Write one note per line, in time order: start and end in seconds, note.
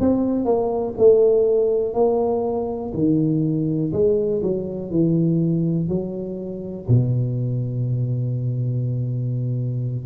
0.00 0.45 C4
0.45 0.94 A#3
0.98 1.94 A3
1.94 2.92 A#3
2.93 3.92 D#3
3.92 4.41 G#3
4.42 4.90 F#3
4.90 5.88 E3
5.88 6.87 F#3
6.88 10.06 B2